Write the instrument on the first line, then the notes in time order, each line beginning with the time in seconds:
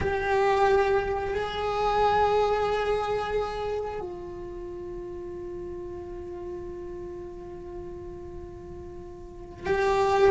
cello
0.00 G4
1.33 G#4
4.00 F4
9.65 G4